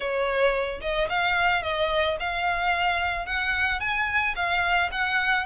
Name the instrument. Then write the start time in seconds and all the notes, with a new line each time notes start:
violin
0.00 C#5
0.81 D#5
1.09 F5
1.62 D#5
2.19 F5
3.26 F#5
3.80 G#5
4.35 F5
4.91 F#5